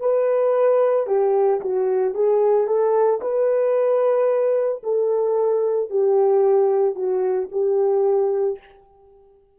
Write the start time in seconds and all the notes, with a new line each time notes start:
0.00 B4
1.07 G4
1.61 F#4
2.14 G#4
2.67 A4
3.21 B4
4.83 A4
5.90 G4
6.95 F#4
7.52 G4